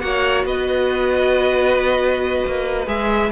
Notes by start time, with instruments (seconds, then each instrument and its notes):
0.00 cello A#3, viola F#4, violin C#5 F#5
0.45 cello B3, violin B4 D#5
2.47 cello A#3
2.87 cello G#3, viola G#4, violin E5